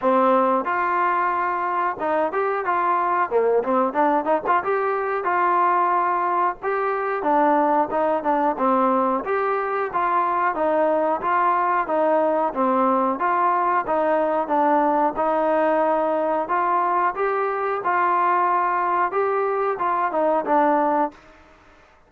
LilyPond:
\new Staff \with { instrumentName = "trombone" } { \time 4/4 \tempo 4 = 91 c'4 f'2 dis'8 g'8 | f'4 ais8 c'8 d'8 dis'16 f'16 g'4 | f'2 g'4 d'4 | dis'8 d'8 c'4 g'4 f'4 |
dis'4 f'4 dis'4 c'4 | f'4 dis'4 d'4 dis'4~ | dis'4 f'4 g'4 f'4~ | f'4 g'4 f'8 dis'8 d'4 | }